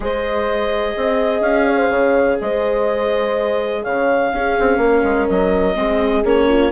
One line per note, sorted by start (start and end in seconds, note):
0.00 0.95 G#3
0.00 4.32 G#4
0.00 0.98 C5
0.00 1.41 D#5
0.96 1.40 C4
0.96 1.68 D#5
1.40 1.88 C#4
1.40 2.37 F5
1.68 1.78 C#5
1.78 1.90 C5
1.89 2.37 C#3
1.89 2.38 C#5
2.40 3.85 G#3
2.40 3.83 C5
2.40 3.83 D#5
3.83 4.33 C#3
3.83 4.31 C#5
3.83 5.27 F5
4.33 4.57 C#4
4.33 5.75 C#4
4.33 4.80 G#4
4.59 4.77 C4
4.77 5.01 A#3
4.77 5.76 A#4
5.03 5.27 G#3
5.28 5.76 F#3
5.28 6.24 D#5
5.75 6.24 G#3
5.75 6.23 C4
5.75 6.48 G#4
6.24 6.71 A#3
6.24 6.71 C#4
6.24 6.71 C#5
6.48 6.71 F4